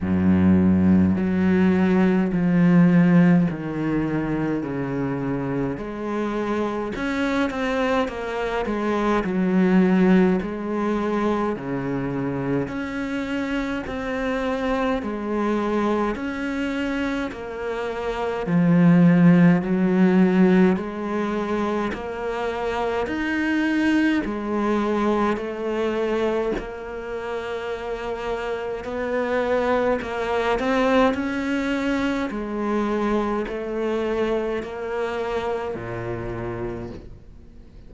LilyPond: \new Staff \with { instrumentName = "cello" } { \time 4/4 \tempo 4 = 52 fis,4 fis4 f4 dis4 | cis4 gis4 cis'8 c'8 ais8 gis8 | fis4 gis4 cis4 cis'4 | c'4 gis4 cis'4 ais4 |
f4 fis4 gis4 ais4 | dis'4 gis4 a4 ais4~ | ais4 b4 ais8 c'8 cis'4 | gis4 a4 ais4 ais,4 | }